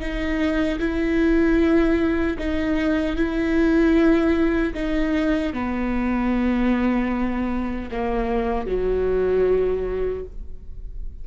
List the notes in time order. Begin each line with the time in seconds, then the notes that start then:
0.00 D#4
0.79 E4
2.38 D#4
3.16 E4
4.74 D#4
5.53 B3
7.91 A#3
8.67 F#3